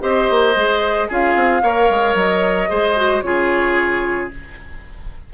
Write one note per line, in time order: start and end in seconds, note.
0.00 0.30 C4
0.00 0.54 G4
0.00 1.09 C5
0.00 1.09 D#5
0.30 0.56 A#3
0.56 1.09 G#3
0.56 1.09 G#4
1.09 1.35 C#4
1.09 1.63 F4
1.09 1.62 G#4
1.09 2.16 F5
1.35 1.62 C4
1.62 1.89 A#3
1.62 2.68 A#4
1.62 2.70 C#5
1.90 2.14 G#3
2.14 2.68 F#3
2.14 3.22 D#5
2.68 3.23 G#3
2.68 2.95 G#4
2.68 3.23 C5
2.96 3.23 F#4
3.22 4.30 C#3
3.22 4.30 F4
3.22 4.34 G#4
3.22 4.29 C#5